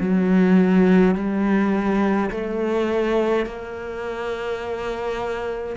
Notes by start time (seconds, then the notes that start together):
0.00 F#3
1.15 G3
2.31 A3
3.46 A#3